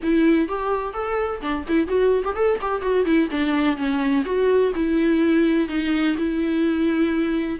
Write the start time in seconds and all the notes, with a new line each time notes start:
0.02 E4
0.48 G4
0.93 A4
1.41 D4
1.68 E4
1.87 F#4
2.24 G4
2.35 A4
2.61 G4
2.81 F#4
3.05 E4
3.30 D4
3.76 C#4
4.25 F#4
4.75 E4
5.68 D#4
6.17 E4